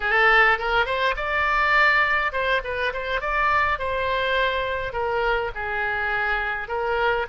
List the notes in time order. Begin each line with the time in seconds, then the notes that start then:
0.00 A4
0.58 A#4
0.85 C5
1.16 D5
2.32 C5
2.63 B4
2.93 C5
3.20 D5
3.78 C5
4.92 A#4
5.54 G#4
6.68 A#4